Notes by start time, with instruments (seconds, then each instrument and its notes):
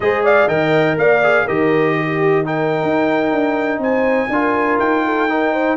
0.00 tuba G#3, trombone G#4, horn C5, trumpet D#5
0.23 horn D5, trumpet F5
0.47 tuba D#3, trombone A#4, horn D#5, trumpet G5
0.97 tuba A#3, horn D5, trumpet F5
1.23 trombone G#4
1.44 tuba D#3, trombone G4, horn A#4, trumpet D#5
1.97 horn G4
2.44 trombone D#4, horn A#4, trumpet G5
2.83 tuba D#4
3.32 tuba D4
3.78 tuba C4, horn C5, trumpet G#5
4.28 tuba D4, trombone F4, horn A#4
4.79 tuba D#4, trumpet G5
5.05 horn A4
5.28 trombone D#4, horn A#4
5.52 horn C5